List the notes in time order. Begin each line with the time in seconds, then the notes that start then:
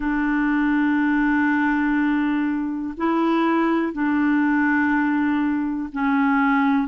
0.00 D4
2.97 E4
3.93 D4
5.92 C#4